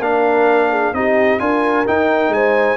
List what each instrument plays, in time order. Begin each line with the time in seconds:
0.00 tuba A#3, trombone D4, horn A#4, trumpet F5
0.70 horn G#4
0.93 tuba C4, trombone D#4, horn G4, trumpet D#5
1.40 tuba D4, trombone F4, horn A#4, trumpet G#5
1.86 trombone D#4, tuba D#4, trumpet G5
2.29 tuba G#3, horn C5, trumpet G#5